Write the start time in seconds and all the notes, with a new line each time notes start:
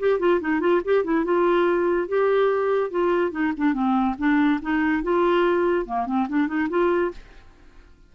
0.00 G4
0.20 F4
0.41 D#4
0.61 F4
0.85 G4
1.05 E4
1.25 F4
2.08 G4
2.91 F4
3.32 D#4
3.57 D4
3.74 C4
4.19 D4
4.62 D#4
5.04 F4
5.86 A#3
6.07 C4
6.29 D4
6.48 D#4
6.70 F4